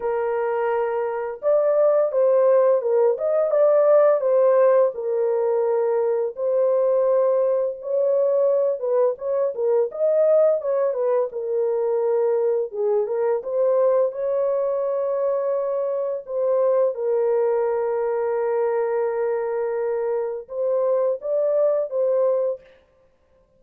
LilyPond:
\new Staff \with { instrumentName = "horn" } { \time 4/4 \tempo 4 = 85 ais'2 d''4 c''4 | ais'8 dis''8 d''4 c''4 ais'4~ | ais'4 c''2 cis''4~ | cis''8 b'8 cis''8 ais'8 dis''4 cis''8 b'8 |
ais'2 gis'8 ais'8 c''4 | cis''2. c''4 | ais'1~ | ais'4 c''4 d''4 c''4 | }